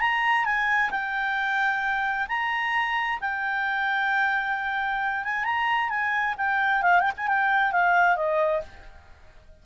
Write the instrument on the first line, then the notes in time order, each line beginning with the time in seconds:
clarinet
0.00 A#5
0.45 G#5
0.90 G5
2.28 A#5
3.20 G5
5.24 G#5
5.44 A#5
5.89 G#5
6.37 G5
6.82 F5
7.00 G5
7.17 G#5
7.27 G5
7.72 F5
8.16 D#5